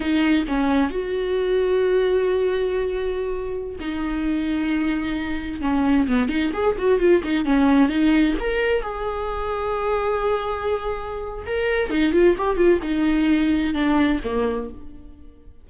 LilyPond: \new Staff \with { instrumentName = "viola" } { \time 4/4 \tempo 4 = 131 dis'4 cis'4 fis'2~ | fis'1~ | fis'16 dis'2.~ dis'8.~ | dis'16 cis'4 b8 dis'8 gis'8 fis'8 f'8 dis'16~ |
dis'16 cis'4 dis'4 ais'4 gis'8.~ | gis'1~ | gis'4 ais'4 dis'8 f'8 g'8 f'8 | dis'2 d'4 ais4 | }